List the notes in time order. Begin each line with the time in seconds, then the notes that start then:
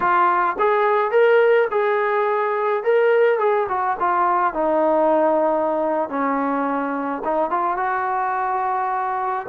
0.00 F4
0.58 G#4
1.11 A#4
1.70 G#4
2.83 A#4
3.39 G#4
3.68 F#4
3.99 F4
4.53 D#4
6.09 C#4
7.24 D#4
7.50 F4
7.76 F#4